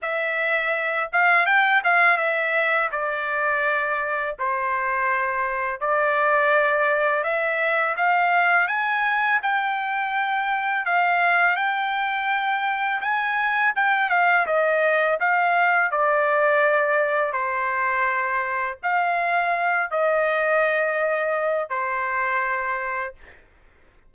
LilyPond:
\new Staff \with { instrumentName = "trumpet" } { \time 4/4 \tempo 4 = 83 e''4. f''8 g''8 f''8 e''4 | d''2 c''2 | d''2 e''4 f''4 | gis''4 g''2 f''4 |
g''2 gis''4 g''8 f''8 | dis''4 f''4 d''2 | c''2 f''4. dis''8~ | dis''2 c''2 | }